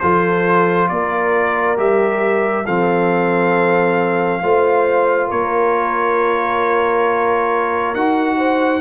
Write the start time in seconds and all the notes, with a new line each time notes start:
0.00 F3 F4 A4 C5
0.89 A#3 A#4 D5
1.76 G3 G4 E5
2.65 F3 C4 A4 F5
4.42 A3 F4 C5
5.28 A#3 A#4 C#5
7.95 D#4 F#4 F#5
8.37 C5